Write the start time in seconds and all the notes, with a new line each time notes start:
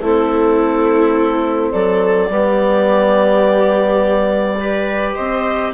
0.00 A3 C4 E4 A4
1.71 F#3 A4 D5
2.29 G3 B3 G4
4.59 G4 B4
5.15 C4 C5 D#5